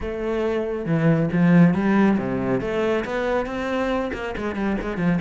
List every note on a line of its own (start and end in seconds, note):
0.00 0.85 A3
0.85 1.29 E3
1.32 1.74 F3
1.74 2.17 G3
2.18 2.61 C3
2.61 3.04 A3
3.04 3.45 B3
3.45 4.11 C4
4.13 4.35 A#3
4.37 4.55 G#3
4.55 4.76 G3
4.81 4.97 G#3
4.97 5.19 F3